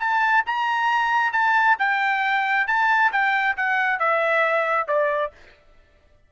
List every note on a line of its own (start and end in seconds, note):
0.00 0.44 A5
0.46 1.33 A#5
1.33 1.78 A5
1.79 2.67 G5
2.67 3.12 A5
3.12 3.57 G5
3.57 4.00 F#5
4.00 4.88 E5
4.88 5.33 D5